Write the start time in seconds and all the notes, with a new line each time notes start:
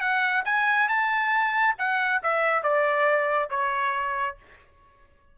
0.00 F#5
0.45 G#5
0.88 A5
1.78 F#5
2.23 E5
2.63 D5
3.50 C#5